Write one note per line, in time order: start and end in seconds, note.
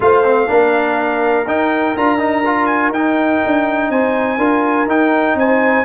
0.00 0.48 A3
0.00 0.24 F4
0.00 0.49 C5
0.00 1.48 F5
0.24 0.47 C4
0.47 1.46 A#3
0.47 1.45 D4
0.47 3.90 A#4
1.46 1.95 D#4
1.46 1.96 D#4
1.46 1.96 G5
1.96 2.90 D4
1.96 2.18 F4
1.96 2.66 A#5
2.18 2.42 D#4
2.45 2.93 F4
2.66 2.90 G#5
2.90 3.38 D#4
2.90 4.38 D#4
2.90 3.90 G5
3.46 3.89 D4
3.89 4.38 C4
3.89 4.38 C5
3.89 4.88 G#5
4.38 4.86 D4
4.38 4.87 F4
4.38 5.35 A#4
4.86 5.34 D#4
4.86 5.85 D#4
4.86 5.37 G5
5.34 5.83 C4
5.34 5.85 C5
5.34 5.85 G#5